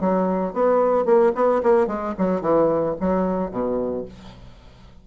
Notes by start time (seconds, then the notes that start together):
0.00 F#3
0.53 B3
1.05 A#3
1.35 B3
1.63 A#3
1.87 G#3
2.18 F#3
2.41 E3
3.00 F#3
3.51 B2